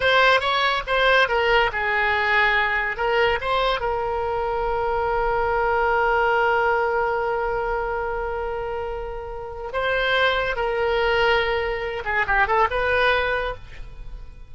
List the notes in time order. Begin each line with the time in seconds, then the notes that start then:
0.00 C5
0.40 C#5
0.86 C5
1.28 A#4
1.72 G#4
2.97 A#4
3.40 C5
3.80 A#4
9.72 C5
10.55 A#4
12.04 G#4
12.26 G4
12.47 A4
12.70 B4